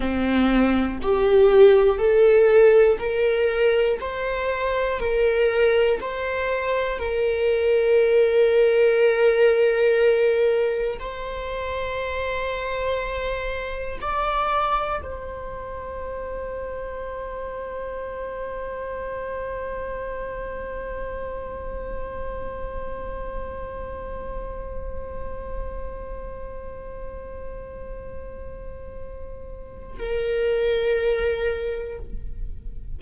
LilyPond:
\new Staff \with { instrumentName = "viola" } { \time 4/4 \tempo 4 = 60 c'4 g'4 a'4 ais'4 | c''4 ais'4 c''4 ais'4~ | ais'2. c''4~ | c''2 d''4 c''4~ |
c''1~ | c''1~ | c''1~ | c''2 ais'2 | }